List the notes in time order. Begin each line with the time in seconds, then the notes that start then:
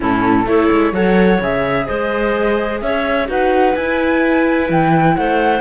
0.00 A2 C#4 E4 A4
0.45 A3 E4 A4 C#5
0.71 G#3
0.92 F#3 A4 C#5 F#5
1.40 C#3 G#4 E5
1.86 G#3 C5 D#5
2.81 C#4 C#5 E5
3.26 D#4 F#4 B4 F#5
3.75 E4 G#5
4.69 E3 G5
5.15 A3 C5 F#5